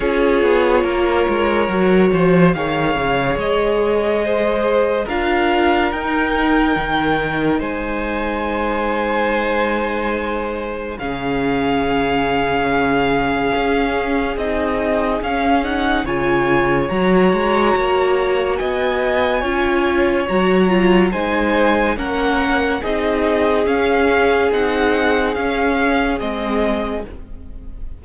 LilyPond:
<<
  \new Staff \with { instrumentName = "violin" } { \time 4/4 \tempo 4 = 71 cis''2. f''4 | dis''2 f''4 g''4~ | g''4 gis''2.~ | gis''4 f''2.~ |
f''4 dis''4 f''8 fis''8 gis''4 | ais''2 gis''2 | ais''4 gis''4 fis''4 dis''4 | f''4 fis''4 f''4 dis''4 | }
  \new Staff \with { instrumentName = "violin" } { \time 4/4 gis'4 ais'4. c''8 cis''4~ | cis''4 c''4 ais'2~ | ais'4 c''2.~ | c''4 gis'2.~ |
gis'2. cis''4~ | cis''2 dis''4 cis''4~ | cis''4 c''4 ais'4 gis'4~ | gis'1 | }
  \new Staff \with { instrumentName = "viola" } { \time 4/4 f'2 fis'4 gis'4~ | gis'2 f'4 dis'4~ | dis'1~ | dis'4 cis'2.~ |
cis'4 dis'4 cis'8 dis'8 f'4 | fis'2. f'4 | fis'8 f'8 dis'4 cis'4 dis'4 | cis'4 dis'4 cis'4 c'4 | }
  \new Staff \with { instrumentName = "cello" } { \time 4/4 cis'8 b8 ais8 gis8 fis8 f8 dis8 cis8 | gis2 d'4 dis'4 | dis4 gis2.~ | gis4 cis2. |
cis'4 c'4 cis'4 cis4 | fis8 gis8 ais4 b4 cis'4 | fis4 gis4 ais4 c'4 | cis'4 c'4 cis'4 gis4 | }
>>